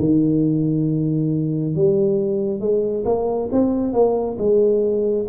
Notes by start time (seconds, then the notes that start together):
0.00 D#3
1.75 G3
2.61 G#3
3.06 A#3
3.52 C4
3.93 A#3
4.39 G#3